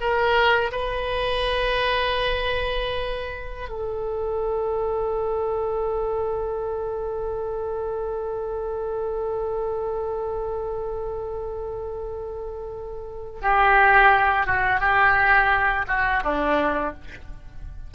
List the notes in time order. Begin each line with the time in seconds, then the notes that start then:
0.00 A#4
0.71 B4
3.69 A4
13.41 G4
14.46 F#4
14.79 G4
15.87 F#4
16.23 D4